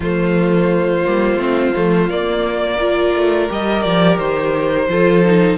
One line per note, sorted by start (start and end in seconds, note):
0.00 1.05 F3
0.00 1.05 A3
0.00 2.76 F4
0.00 2.10 C5
1.05 1.35 G3
1.05 1.38 A#3
1.35 1.70 A3
1.35 1.73 C4
1.75 2.09 F3
1.75 2.09 A3
2.09 2.79 A#3
2.09 3.14 A#3
2.09 3.49 D5
2.78 3.49 F4
2.78 4.88 A#4
3.14 3.49 A3
3.49 3.84 G3
3.49 4.88 G4
3.49 3.82 D#5
3.82 4.18 F3
3.82 4.17 D5
4.17 4.87 D#3
4.17 5.57 C5
4.87 5.57 F3
4.87 5.24 F4
4.87 5.57 A4
5.24 5.57 D#4